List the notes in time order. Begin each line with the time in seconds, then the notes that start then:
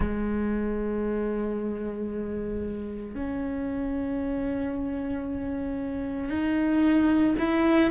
0.00 G#3
3.14 C#4
6.29 D#4
7.39 E4